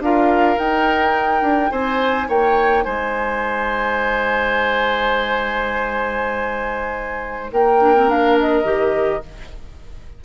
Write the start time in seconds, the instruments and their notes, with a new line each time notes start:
0.00 bassoon D4, clarinet F4, oboe A#4, flute F5
0.57 clarinet D#4, bassoon D#4, flute G5
1.42 bassoon D4
1.71 bassoon C4, oboe C5, flute G#5
2.28 bassoon A#3, oboe C#5, flute G5
2.84 bassoon G#3, oboe C5, flute G#5
7.52 bassoon A#3, oboe A#4, flute G5
7.80 clarinet D4
7.96 clarinet C4
8.08 clarinet D4, flute F5
8.40 flute D#5
8.64 bassoon D#3, clarinet G4